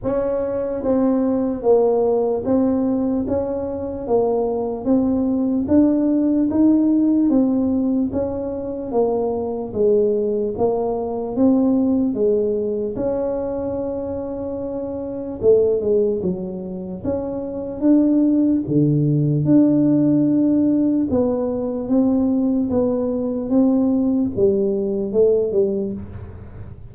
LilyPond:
\new Staff \with { instrumentName = "tuba" } { \time 4/4 \tempo 4 = 74 cis'4 c'4 ais4 c'4 | cis'4 ais4 c'4 d'4 | dis'4 c'4 cis'4 ais4 | gis4 ais4 c'4 gis4 |
cis'2. a8 gis8 | fis4 cis'4 d'4 d4 | d'2 b4 c'4 | b4 c'4 g4 a8 g8 | }